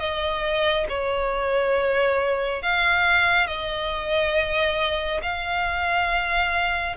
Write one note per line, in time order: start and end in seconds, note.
0.00 0.87 D#5
0.89 2.63 C#5
2.63 3.47 F5
3.47 5.21 D#5
5.23 6.97 F5